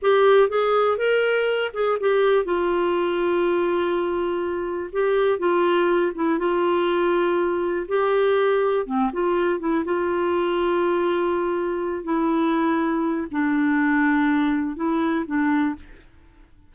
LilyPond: \new Staff \with { instrumentName = "clarinet" } { \time 4/4 \tempo 4 = 122 g'4 gis'4 ais'4. gis'8 | g'4 f'2.~ | f'2 g'4 f'4~ | f'8 e'8 f'2. |
g'2 c'8 f'4 e'8 | f'1~ | f'8 e'2~ e'8 d'4~ | d'2 e'4 d'4 | }